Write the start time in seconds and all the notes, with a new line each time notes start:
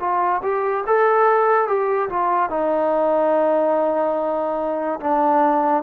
0.00 F4
0.43 G4
0.87 A4
1.68 G4
2.10 F4
2.50 D#4
5.01 D4